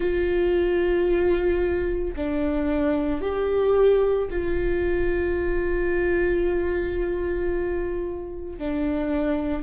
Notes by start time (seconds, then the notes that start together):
0.00 F4
2.16 D4
3.21 G4
4.30 F4
8.58 D4